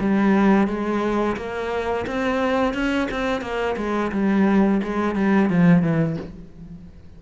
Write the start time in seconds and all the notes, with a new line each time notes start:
0.00 G3
0.68 G#3
1.37 A#3
2.07 C4
2.74 C#4
3.12 C4
3.42 A#3
3.77 G#3
4.13 G3
4.84 G#3
5.16 G3
5.50 F3
5.82 E3